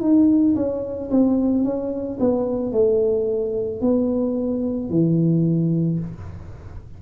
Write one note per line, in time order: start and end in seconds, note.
0.00 0.55 D#4
0.55 1.10 C#4
1.11 1.64 C4
1.64 2.18 C#4
2.19 2.72 B3
2.72 3.81 A3
3.81 4.89 B3
4.89 5.99 E3